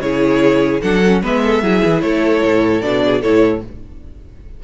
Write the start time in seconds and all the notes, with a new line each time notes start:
0.00 C#3 E4 G#4 C#5
0.81 F#3 D4 A4 F#5
1.05 C#4
1.22 G#3 B3 B4 E5
1.43 A4
1.62 F#3 E4 G#4
1.83 E3
2.01 A3 A4 C#5
2.44 A2
2.81 B2 D4 D5
3.05 G#4
3.21 A2 E4 A4 C#5